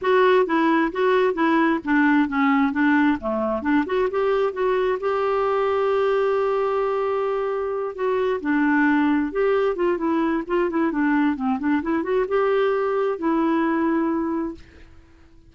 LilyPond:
\new Staff \with { instrumentName = "clarinet" } { \time 4/4 \tempo 4 = 132 fis'4 e'4 fis'4 e'4 | d'4 cis'4 d'4 a4 | d'8 fis'8 g'4 fis'4 g'4~ | g'1~ |
g'4. fis'4 d'4.~ | d'8 g'4 f'8 e'4 f'8 e'8 | d'4 c'8 d'8 e'8 fis'8 g'4~ | g'4 e'2. | }